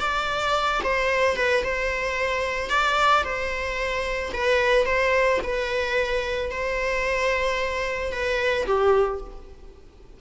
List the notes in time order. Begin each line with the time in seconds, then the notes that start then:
0.00 D5
0.84 C5
1.36 B4
1.63 C5
2.69 D5
3.24 C5
4.33 B4
4.86 C5
5.43 B4
6.51 C5
8.12 B4
8.66 G4